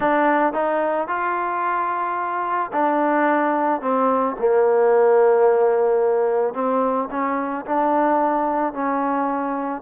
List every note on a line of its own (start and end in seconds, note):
0.00 0.53 D4
0.53 1.07 D#4
1.07 2.71 F4
2.72 3.81 D4
3.81 4.35 C4
4.39 6.54 A#3
6.54 7.08 C4
7.11 7.65 C#4
7.65 8.73 D4
8.73 9.82 C#4